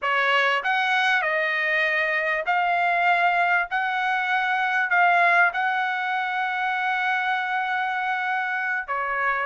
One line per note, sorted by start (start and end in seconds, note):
0.02 0.63 C#5
0.63 1.21 F#5
1.21 2.44 D#5
2.45 3.68 F5
3.70 4.90 F#5
4.90 5.51 F5
5.53 8.87 F#5
8.87 9.46 C#5